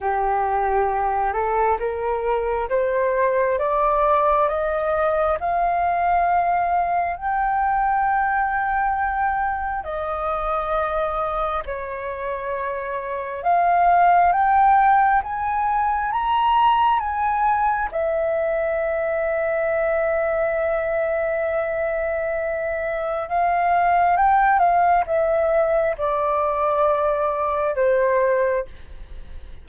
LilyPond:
\new Staff \with { instrumentName = "flute" } { \time 4/4 \tempo 4 = 67 g'4. a'8 ais'4 c''4 | d''4 dis''4 f''2 | g''2. dis''4~ | dis''4 cis''2 f''4 |
g''4 gis''4 ais''4 gis''4 | e''1~ | e''2 f''4 g''8 f''8 | e''4 d''2 c''4 | }